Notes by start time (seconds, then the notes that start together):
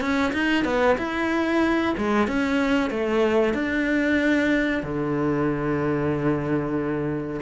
0.00 C#4
0.33 D#4
0.64 B3
0.98 E4
1.97 G#3
2.27 C#4
2.90 A3
3.53 D4
4.82 D3